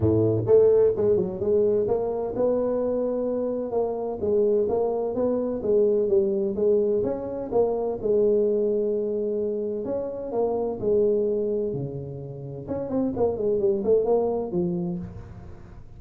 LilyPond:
\new Staff \with { instrumentName = "tuba" } { \time 4/4 \tempo 4 = 128 a,4 a4 gis8 fis8 gis4 | ais4 b2. | ais4 gis4 ais4 b4 | gis4 g4 gis4 cis'4 |
ais4 gis2.~ | gis4 cis'4 ais4 gis4~ | gis4 cis2 cis'8 c'8 | ais8 gis8 g8 a8 ais4 f4 | }